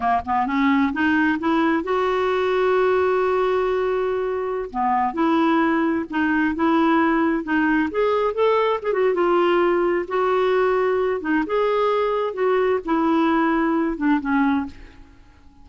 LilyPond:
\new Staff \with { instrumentName = "clarinet" } { \time 4/4 \tempo 4 = 131 ais8 b8 cis'4 dis'4 e'4 | fis'1~ | fis'2~ fis'16 b4 e'8.~ | e'4~ e'16 dis'4 e'4.~ e'16~ |
e'16 dis'4 gis'4 a'4 gis'16 fis'8 | f'2 fis'2~ | fis'8 dis'8 gis'2 fis'4 | e'2~ e'8 d'8 cis'4 | }